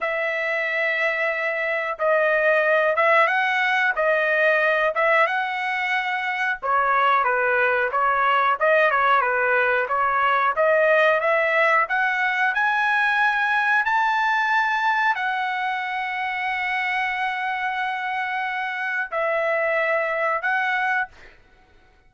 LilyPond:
\new Staff \with { instrumentName = "trumpet" } { \time 4/4 \tempo 4 = 91 e''2. dis''4~ | dis''8 e''8 fis''4 dis''4. e''8 | fis''2 cis''4 b'4 | cis''4 dis''8 cis''8 b'4 cis''4 |
dis''4 e''4 fis''4 gis''4~ | gis''4 a''2 fis''4~ | fis''1~ | fis''4 e''2 fis''4 | }